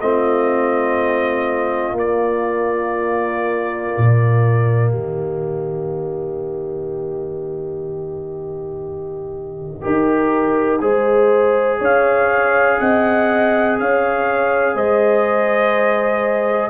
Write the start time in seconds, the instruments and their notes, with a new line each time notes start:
0.00 tuba A3, trombone C4, horn F4, trumpet D#5
1.92 tuba A#3, trombone A#3, trumpet D5
3.97 tuba A#2
4.90 tuba D#3, horn G4, trumpet D#5
9.81 tuba D#4, trombone G4, horn A#4
10.81 tuba G#3, trombone G#4, horn C5
11.79 tuba C#4, horn C#5, trumpet F5
12.80 tuba C4, horn D#5, trumpet F#5
13.79 tuba C#4, horn C#5, trumpet F5
14.75 tuba G#3, horn C5, trumpet D#5